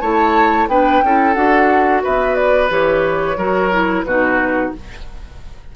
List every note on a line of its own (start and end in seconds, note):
0.00 0.67 A3
0.00 0.69 E4
0.00 0.68 C#5
0.00 0.67 A5
0.67 1.01 B3
0.67 1.03 D4
0.67 1.04 B4
0.67 1.34 G5
1.03 1.35 C#4
1.03 1.35 E4
1.03 2.03 A4
1.34 2.03 D4
1.34 2.69 F#4
1.34 2.01 F#5
2.03 2.70 B3
2.03 3.37 B4
2.03 2.35 E5
2.35 2.69 D5
2.69 3.37 E3
2.69 3.36 G4
2.69 4.03 C#5
3.37 4.04 F#3
3.37 3.71 F#4
3.37 4.05 A#4
3.71 4.05 E4
4.03 4.72 B2
4.03 4.75 D#4
4.03 4.73 F#4
4.03 4.71 B4